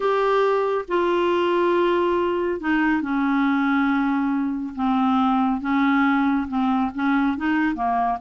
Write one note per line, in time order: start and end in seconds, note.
0.00 0.85 G4
0.88 2.60 F4
2.60 3.01 D#4
3.01 4.74 C#4
4.75 5.61 C4
5.61 6.47 C#4
6.47 6.91 C4
6.94 7.37 C#4
7.37 7.75 D#4
7.75 8.18 A#3